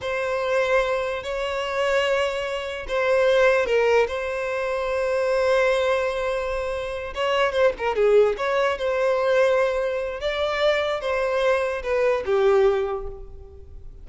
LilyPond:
\new Staff \with { instrumentName = "violin" } { \time 4/4 \tempo 4 = 147 c''2. cis''4~ | cis''2. c''4~ | c''4 ais'4 c''2~ | c''1~ |
c''4. cis''4 c''8 ais'8 gis'8~ | gis'8 cis''4 c''2~ c''8~ | c''4 d''2 c''4~ | c''4 b'4 g'2 | }